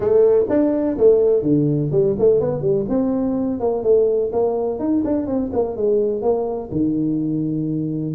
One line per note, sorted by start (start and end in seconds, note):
0.00 0.45 A3
0.49 0.97 D4
0.97 1.42 A3
1.42 1.90 D3
1.91 2.15 G3
2.18 2.40 A3
2.40 2.61 B3
2.61 2.85 G3
2.88 3.60 C4
3.60 3.83 A#3
3.83 4.31 A3
4.32 4.79 A#3
4.79 5.03 D#4
5.04 5.26 D4
5.26 5.50 C4
5.52 5.76 A#3
5.76 6.22 G#3
6.22 6.70 A#3
6.71 8.15 D#3